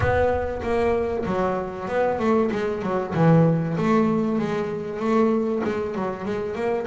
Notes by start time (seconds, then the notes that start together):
0.00 B3
0.62 A#3
1.25 F#3
1.88 B3
2.19 A3
2.51 G#3
2.82 F#3
3.14 E3
3.77 A3
4.38 G#3
4.99 A3
5.63 G#3
5.94 F#3
6.25 G#3
6.55 A#3